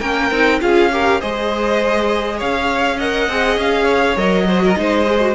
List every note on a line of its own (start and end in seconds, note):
0.00 0.31 A#3
0.00 0.32 C#4
0.00 0.59 A#4
0.00 0.60 G5
0.31 0.61 C4
0.31 0.61 D#4
0.61 1.21 C#4
0.61 0.90 F4
0.61 0.92 G#4
0.61 1.21 F5
0.92 1.22 G4
0.92 1.21 A#4
1.21 2.42 G#3
1.21 3.00 G#4
1.21 2.37 C5
1.21 2.40 D#5
2.37 3.29 C#4
2.37 2.97 C#5
2.37 3.00 F5
2.97 3.30 A#4
2.97 3.84 D#5
2.97 3.59 F#5
3.29 3.57 C4
3.29 4.17 G#4
3.57 4.17 C#4
3.57 4.18 F5
3.84 4.43 C#5
4.17 4.76 F#3
4.17 4.46 A#4
4.17 5.35 D#5
4.46 4.75 F#4
4.46 4.63 C5
4.64 4.79 A#4
4.76 5.35 G#3
4.76 5.06 D#4
4.76 5.35 C5
5.06 5.21 G#4
5.21 5.35 F#4